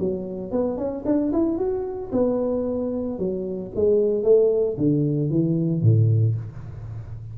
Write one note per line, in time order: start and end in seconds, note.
0.00 0.52 F#3
0.52 0.78 B3
0.78 1.05 C#4
1.06 1.32 D4
1.33 1.58 E4
1.58 2.11 F#4
2.13 3.19 B3
3.19 3.72 F#3
3.76 4.24 G#3
4.24 4.77 A3
4.78 5.31 D3
5.31 5.82 E3
5.82 6.35 A2